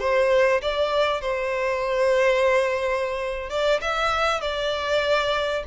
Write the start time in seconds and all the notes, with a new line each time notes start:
0.00 C5
0.62 D5
1.21 C5
3.50 D5
3.81 E5
4.41 D5